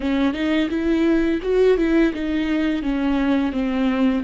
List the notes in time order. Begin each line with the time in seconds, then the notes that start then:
0.00 C#4
0.33 D#4
0.69 E4
1.42 F#4
1.77 E4
2.13 D#4
2.82 C#4
3.52 C4